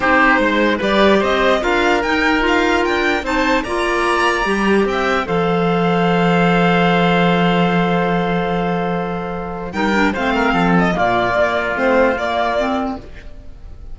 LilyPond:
<<
  \new Staff \with { instrumentName = "violin" } { \time 4/4 \tempo 4 = 148 c''2 d''4 dis''4 | f''4 g''4 f''4 g''4 | a''4 ais''2. | g''4 f''2.~ |
f''1~ | f''1 | g''4 f''4. dis''8 d''4~ | d''4 c''4 d''2 | }
  \new Staff \with { instrumentName = "oboe" } { \time 4/4 g'4 c''4 b'4 c''4 | ais'1 | c''4 d''2. | e''4 c''2.~ |
c''1~ | c''1 | ais'4 c''8 ais'8 a'4 f'4~ | f'1 | }
  \new Staff \with { instrumentName = "clarinet" } { \time 4/4 dis'2 g'2 | f'4 dis'4 f'2 | dis'4 f'2 g'4~ | g'4 a'2.~ |
a'1~ | a'1 | dis'8 d'8 c'2 ais4~ | ais4 c'4 ais4 c'4 | }
  \new Staff \with { instrumentName = "cello" } { \time 4/4 c'4 gis4 g4 c'4 | d'4 dis'2 d'4 | c'4 ais2 g4 | c'4 f2.~ |
f1~ | f1 | g4 a4 f4 ais,4 | ais4 a4 ais2 | }
>>